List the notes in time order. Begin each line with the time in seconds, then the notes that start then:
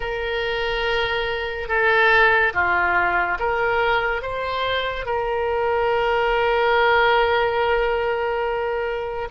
0.00 A#4
1.68 A4
2.53 F4
3.39 A#4
4.22 C5
5.05 A#4